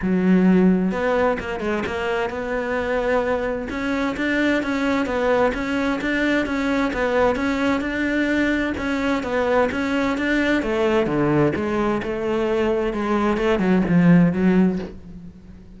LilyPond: \new Staff \with { instrumentName = "cello" } { \time 4/4 \tempo 4 = 130 fis2 b4 ais8 gis8 | ais4 b2. | cis'4 d'4 cis'4 b4 | cis'4 d'4 cis'4 b4 |
cis'4 d'2 cis'4 | b4 cis'4 d'4 a4 | d4 gis4 a2 | gis4 a8 fis8 f4 fis4 | }